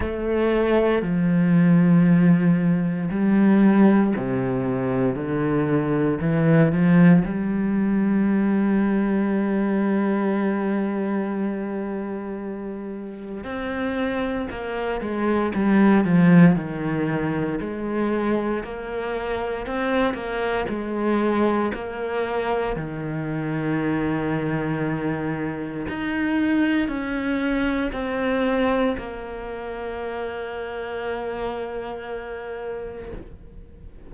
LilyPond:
\new Staff \with { instrumentName = "cello" } { \time 4/4 \tempo 4 = 58 a4 f2 g4 | c4 d4 e8 f8 g4~ | g1~ | g4 c'4 ais8 gis8 g8 f8 |
dis4 gis4 ais4 c'8 ais8 | gis4 ais4 dis2~ | dis4 dis'4 cis'4 c'4 | ais1 | }